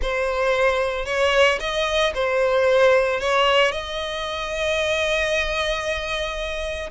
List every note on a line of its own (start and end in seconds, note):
0.01 1.05 C5
1.05 1.58 C#5
1.60 2.13 D#5
2.14 3.20 C5
3.20 3.71 C#5
3.71 6.90 D#5